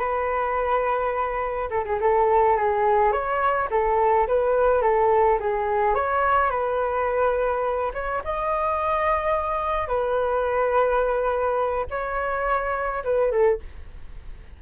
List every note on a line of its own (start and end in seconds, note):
0.00 1.70 B4
1.71 1.85 A4
1.86 2.00 G#4
2.01 2.57 A4
2.57 3.13 G#4
3.13 3.69 C#5
3.71 4.28 A4
4.28 4.82 B4
4.82 5.39 A4
5.41 5.95 G#4
5.95 6.51 C#5
6.51 7.92 B4
7.94 8.23 C#5
8.25 9.88 D#5
9.88 11.86 B4
11.91 13.04 C#5
13.04 13.32 B4
13.32 13.60 A4